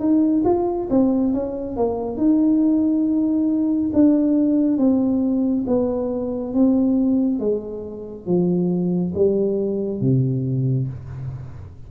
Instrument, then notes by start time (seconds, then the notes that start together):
tuba
0.00 D#4
0.45 F4
0.91 C4
1.34 C#4
1.77 A#3
2.17 D#4
3.94 D4
4.78 C4
5.68 B3
6.54 C4
7.40 G#3
8.27 F3
9.15 G3
10.01 C3